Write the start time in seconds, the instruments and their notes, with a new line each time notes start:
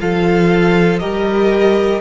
0.00 cello F3, viola F4, violin A4 F5
0.99 cello G3, viola G4, violin A#4 D#5